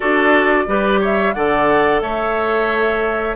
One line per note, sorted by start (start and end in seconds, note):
0.00 0.67 D4
0.00 0.67 F#4
0.00 0.64 A4
0.00 1.01 D5
0.67 1.35 G3
0.67 1.34 G4
0.67 1.00 B4
1.00 1.34 C#5
1.00 1.33 E5
1.33 2.02 D3
1.33 3.35 A4
1.33 2.02 D5
1.33 2.01 F#5
2.01 3.35 A3
2.01 3.35 C#5
2.01 3.35 E5